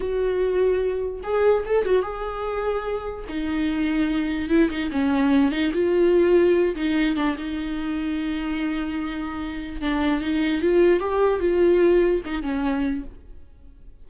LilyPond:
\new Staff \with { instrumentName = "viola" } { \time 4/4 \tempo 4 = 147 fis'2. gis'4 | a'8 fis'8 gis'2. | dis'2. e'8 dis'8 | cis'4. dis'8 f'2~ |
f'8 dis'4 d'8 dis'2~ | dis'1 | d'4 dis'4 f'4 g'4 | f'2 dis'8 cis'4. | }